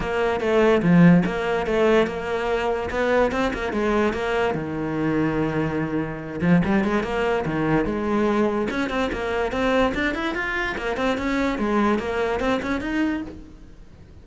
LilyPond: \new Staff \with { instrumentName = "cello" } { \time 4/4 \tempo 4 = 145 ais4 a4 f4 ais4 | a4 ais2 b4 | c'8 ais8 gis4 ais4 dis4~ | dis2.~ dis8 f8 |
g8 gis8 ais4 dis4 gis4~ | gis4 cis'8 c'8 ais4 c'4 | d'8 e'8 f'4 ais8 c'8 cis'4 | gis4 ais4 c'8 cis'8 dis'4 | }